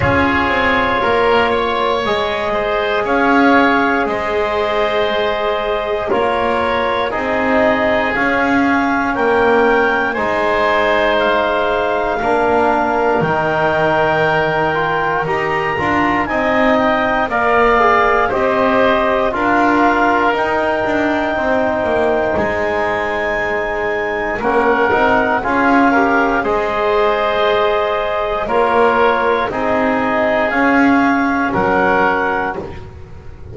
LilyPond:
<<
  \new Staff \with { instrumentName = "clarinet" } { \time 4/4 \tempo 4 = 59 cis''2 dis''4 f''4 | dis''2 cis''4 dis''4 | f''4 g''4 gis''4 f''4~ | f''4 g''2 ais''4 |
gis''8 g''8 f''4 dis''4 f''4 | g''2 gis''2 | fis''4 f''4 dis''2 | cis''4 dis''4 f''4 fis''4 | }
  \new Staff \with { instrumentName = "oboe" } { \time 4/4 gis'4 ais'8 cis''4 c''8 cis''4 | c''2 ais'4 gis'4~ | gis'4 ais'4 c''2 | ais'1 |
dis''4 d''4 c''4 ais'4~ | ais'4 c''2. | ais'4 gis'8 ais'8 c''2 | ais'4 gis'2 ais'4 | }
  \new Staff \with { instrumentName = "trombone" } { \time 4/4 f'2 gis'2~ | gis'2 f'4 dis'4 | cis'2 dis'2 | d'4 dis'4. f'8 g'8 f'8 |
dis'4 ais'8 gis'8 g'4 f'4 | dis'1 | cis'8 dis'8 f'8 g'8 gis'2 | f'4 dis'4 cis'2 | }
  \new Staff \with { instrumentName = "double bass" } { \time 4/4 cis'8 c'8 ais4 gis4 cis'4 | gis2 ais4 c'4 | cis'4 ais4 gis2 | ais4 dis2 dis'8 d'8 |
c'4 ais4 c'4 d'4 | dis'8 d'8 c'8 ais8 gis2 | ais8 c'8 cis'4 gis2 | ais4 c'4 cis'4 fis4 | }
>>